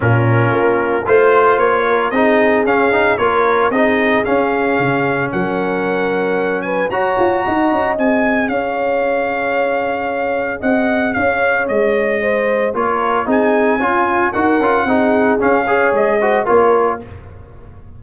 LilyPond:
<<
  \new Staff \with { instrumentName = "trumpet" } { \time 4/4 \tempo 4 = 113 ais'2 c''4 cis''4 | dis''4 f''4 cis''4 dis''4 | f''2 fis''2~ | fis''8 gis''8 ais''2 gis''4 |
f''1 | fis''4 f''4 dis''2 | cis''4 gis''2 fis''4~ | fis''4 f''4 dis''4 cis''4 | }
  \new Staff \with { instrumentName = "horn" } { \time 4/4 f'2 c''4. ais'8 | gis'2 ais'4 gis'4~ | gis'2 ais'2~ | ais'8 b'8 cis''4 dis''2 |
cis''1 | dis''4 cis''2 c''4 | ais'4 gis'4 f'4 ais'4 | gis'4. cis''4 c''8 ais'4 | }
  \new Staff \with { instrumentName = "trombone" } { \time 4/4 cis'2 f'2 | dis'4 cis'8 dis'8 f'4 dis'4 | cis'1~ | cis'4 fis'2 gis'4~ |
gis'1~ | gis'1 | f'4 dis'4 f'4 fis'8 f'8 | dis'4 cis'8 gis'4 fis'8 f'4 | }
  \new Staff \with { instrumentName = "tuba" } { \time 4/4 ais,4 ais4 a4 ais4 | c'4 cis'4 ais4 c'4 | cis'4 cis4 fis2~ | fis4 fis'8 f'8 dis'8 cis'8 c'4 |
cis'1 | c'4 cis'4 gis2 | ais4 c'4 cis'4 dis'8 cis'8 | c'4 cis'4 gis4 ais4 | }
>>